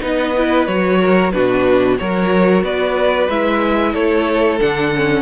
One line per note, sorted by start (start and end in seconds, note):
0.00 0.67 B3
0.00 0.33 D#4
0.00 0.99 B4
0.00 0.66 D#5
0.37 0.68 E4
0.66 1.32 F#3
0.66 1.32 F#4
0.66 1.31 C#5
1.00 1.32 A#4
1.31 1.99 B2
1.31 1.97 D4
1.31 1.98 F#4
1.31 1.96 B4
1.98 2.63 F#3
1.98 3.29 F#4
1.98 2.64 A#4
1.98 2.63 C#5
2.63 3.28 B3
2.63 3.93 B4
2.63 3.29 D5
3.29 3.94 G#3
3.29 4.60 E4
3.29 3.94 E5
3.93 4.60 A3
3.93 5.21 A4
3.93 4.59 C#5
4.59 5.21 D3
4.59 4.92 D4
4.59 5.21 F#5
4.95 5.21 C#4